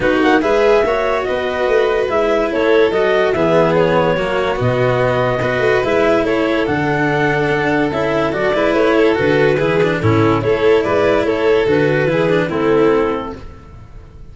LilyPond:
<<
  \new Staff \with { instrumentName = "clarinet" } { \time 4/4 \tempo 4 = 144 b'8 fis''8 e''2 dis''4~ | dis''4 e''4 cis''4 dis''4 | e''4 cis''2 dis''4~ | dis''2 e''4 cis''4 |
fis''2. e''4 | d''4 cis''4 b'2 | a'4 cis''4 d''4 cis''4 | b'2 a'2 | }
  \new Staff \with { instrumentName = "violin" } { \time 4/4 fis'4 b'4 cis''4 b'4~ | b'2 a'2 | gis'2 fis'2~ | fis'4 b'2 a'4~ |
a'1~ | a'8 b'4 a'4. gis'4 | e'4 a'4 b'4 a'4~ | a'4 gis'4 e'2 | }
  \new Staff \with { instrumentName = "cello" } { \time 4/4 dis'4 gis'4 fis'2~ | fis'4 e'2 fis'4 | b2 ais4 b4~ | b4 fis'4 e'2 |
d'2. e'4 | fis'8 e'4. fis'4 e'8 d'8 | cis'4 e'2. | fis'4 e'8 d'8 c'2 | }
  \new Staff \with { instrumentName = "tuba" } { \time 4/4 b8 ais8 gis4 ais4 b4 | a4 gis4 a4 fis4 | e2 fis4 b,4~ | b,4 b8 a8 gis4 a4 |
d2 d'4 cis'4 | fis8 gis8 a4 d4 e4 | a,4 a4 gis4 a4 | d4 e4 a2 | }
>>